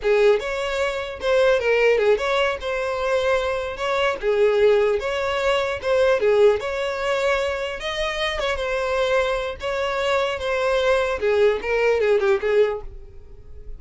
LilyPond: \new Staff \with { instrumentName = "violin" } { \time 4/4 \tempo 4 = 150 gis'4 cis''2 c''4 | ais'4 gis'8 cis''4 c''4.~ | c''4. cis''4 gis'4.~ | gis'8 cis''2 c''4 gis'8~ |
gis'8 cis''2. dis''8~ | dis''4 cis''8 c''2~ c''8 | cis''2 c''2 | gis'4 ais'4 gis'8 g'8 gis'4 | }